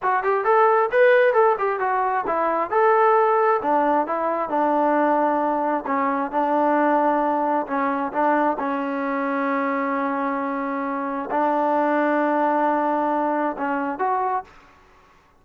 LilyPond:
\new Staff \with { instrumentName = "trombone" } { \time 4/4 \tempo 4 = 133 fis'8 g'8 a'4 b'4 a'8 g'8 | fis'4 e'4 a'2 | d'4 e'4 d'2~ | d'4 cis'4 d'2~ |
d'4 cis'4 d'4 cis'4~ | cis'1~ | cis'4 d'2.~ | d'2 cis'4 fis'4 | }